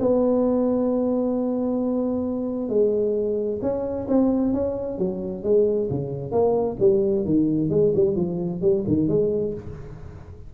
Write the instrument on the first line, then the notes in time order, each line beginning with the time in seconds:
tuba
0.00 B3
2.69 G#3
3.62 C#4
4.08 C4
4.54 C#4
4.98 F#3
5.43 G#3
5.90 C#3
6.31 A#3
6.80 G3
7.25 D#3
7.70 G#3
7.95 G3
8.16 F3
8.62 G3
8.87 D#3
9.08 G#3